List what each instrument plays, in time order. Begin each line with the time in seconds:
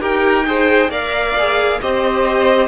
0.00 cello D#4, viola G4, violin A#4 G5
0.46 viola G#4, violin C5
0.89 cello A#3, viola A#4, violin D5 F5
1.38 viola G#4
1.81 cello C4, viola G4, violin C5 D#5